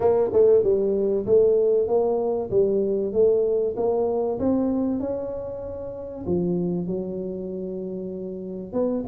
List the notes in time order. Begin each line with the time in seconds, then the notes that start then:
0.00 A#3
0.33 A3
0.63 G3
1.26 A3
1.87 A#3
2.50 G3
3.12 A3
3.76 A#3
4.39 C4
5.00 C#4
6.26 F3
6.86 F#3
8.72 B3